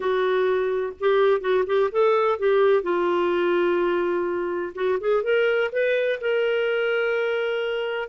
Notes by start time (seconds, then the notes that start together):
0.00 F#4
0.99 G4
1.40 F#4
1.66 G4
1.91 A4
2.38 G4
2.82 F4
4.74 F#4
5.00 G#4
5.23 A#4
5.71 B4
6.20 A#4